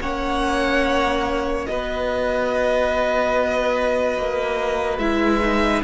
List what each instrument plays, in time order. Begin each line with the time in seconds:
0.00 cello A#3, viola C#4, violin C#5 F#5
1.65 cello B3, viola F#4, violin B4 D#5
4.17 cello A#3
4.98 cello G#3, viola E4, violin E5
5.40 viola D#4